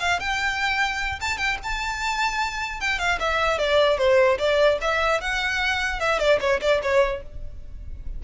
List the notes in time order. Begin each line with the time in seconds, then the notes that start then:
0.00 F5
0.20 G5
1.21 A5
1.38 G5
1.64 A5
2.81 G5
2.99 F5
3.20 E5
3.59 D5
3.99 C5
4.39 D5
4.82 E5
5.21 F#5
6.00 E5
6.20 D5
6.41 C#5
6.62 D5
6.83 C#5